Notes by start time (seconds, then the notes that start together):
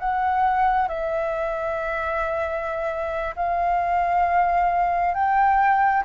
0.00 F#5
0.89 E5
3.36 F5
5.15 G5